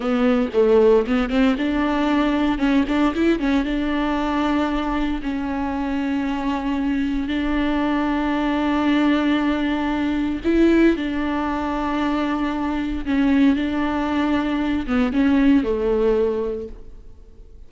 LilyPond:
\new Staff \with { instrumentName = "viola" } { \time 4/4 \tempo 4 = 115 b4 a4 b8 c'8 d'4~ | d'4 cis'8 d'8 e'8 cis'8 d'4~ | d'2 cis'2~ | cis'2 d'2~ |
d'1 | e'4 d'2.~ | d'4 cis'4 d'2~ | d'8 b8 cis'4 a2 | }